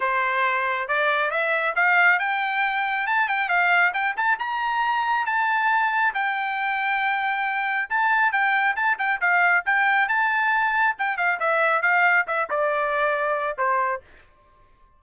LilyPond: \new Staff \with { instrumentName = "trumpet" } { \time 4/4 \tempo 4 = 137 c''2 d''4 e''4 | f''4 g''2 a''8 g''8 | f''4 g''8 a''8 ais''2 | a''2 g''2~ |
g''2 a''4 g''4 | a''8 g''8 f''4 g''4 a''4~ | a''4 g''8 f''8 e''4 f''4 | e''8 d''2~ d''8 c''4 | }